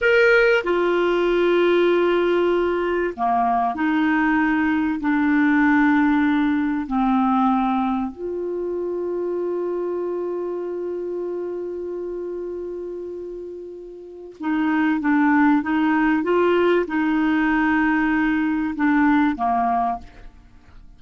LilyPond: \new Staff \with { instrumentName = "clarinet" } { \time 4/4 \tempo 4 = 96 ais'4 f'2.~ | f'4 ais4 dis'2 | d'2. c'4~ | c'4 f'2.~ |
f'1~ | f'2. dis'4 | d'4 dis'4 f'4 dis'4~ | dis'2 d'4 ais4 | }